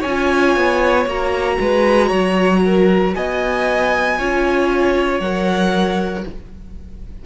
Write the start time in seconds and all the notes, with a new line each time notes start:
0.00 C#4 C#5 G#5
0.06 F4
0.57 B3
1.06 A#3 F#4 A#5
1.60 G#3 B4
2.09 F#3 C#5
2.65 A#4
3.14 B3 D#5 G#5
4.19 C#4 F4 C#5
5.20 F#3 A#4 F#5